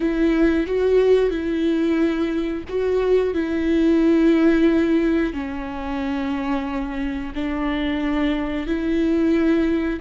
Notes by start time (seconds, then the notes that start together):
0.00 E4
0.66 F#4
1.30 E4
2.68 F#4
3.34 E4
5.33 C#4
7.34 D4
8.66 E4